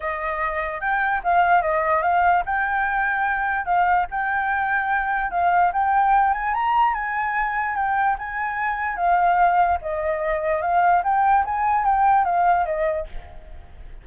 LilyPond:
\new Staff \with { instrumentName = "flute" } { \time 4/4 \tempo 4 = 147 dis''2 g''4 f''4 | dis''4 f''4 g''2~ | g''4 f''4 g''2~ | g''4 f''4 g''4. gis''8 |
ais''4 gis''2 g''4 | gis''2 f''2 | dis''2 f''4 g''4 | gis''4 g''4 f''4 dis''4 | }